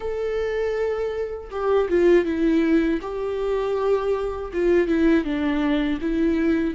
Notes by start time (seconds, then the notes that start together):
0.00 A4
1.50 G4
1.89 F4
2.25 E4
3.01 G4
4.53 F4
4.88 E4
5.24 D4
6.01 E4